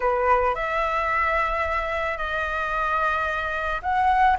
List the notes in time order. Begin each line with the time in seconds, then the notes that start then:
0.00 B4
0.54 E5
2.17 D#5
3.82 F#5